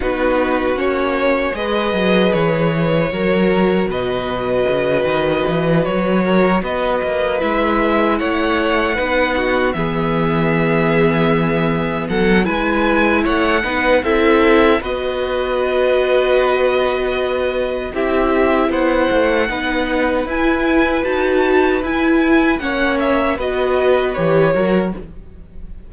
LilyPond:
<<
  \new Staff \with { instrumentName = "violin" } { \time 4/4 \tempo 4 = 77 b'4 cis''4 dis''4 cis''4~ | cis''4 dis''2~ dis''8 cis''8~ | cis''8 dis''4 e''4 fis''4.~ | fis''8 e''2. fis''8 |
gis''4 fis''4 e''4 dis''4~ | dis''2. e''4 | fis''2 gis''4 a''4 | gis''4 fis''8 e''8 dis''4 cis''4 | }
  \new Staff \with { instrumentName = "violin" } { \time 4/4 fis'2 b'2 | ais'4 b'2. | ais'8 b'2 cis''4 b'8 | fis'8 gis'2. a'8 |
b'4 cis''8 b'8 a'4 b'4~ | b'2. g'4 | c''4 b'2.~ | b'4 cis''4 b'4. ais'8 | }
  \new Staff \with { instrumentName = "viola" } { \time 4/4 dis'4 cis'4 gis'2 | fis'1~ | fis'4. e'2 dis'8~ | dis'8 b2.~ b8 |
e'4. dis'8 e'4 fis'4~ | fis'2. e'4~ | e'4 dis'4 e'4 fis'4 | e'4 cis'4 fis'4 g'8 fis'8 | }
  \new Staff \with { instrumentName = "cello" } { \time 4/4 b4 ais4 gis8 fis8 e4 | fis4 b,4 cis8 dis8 e8 fis8~ | fis8 b8 ais8 gis4 a4 b8~ | b8 e2. fis8 |
gis4 a8 b8 c'4 b4~ | b2. c'4 | b8 a8 b4 e'4 dis'4 | e'4 ais4 b4 e8 fis8 | }
>>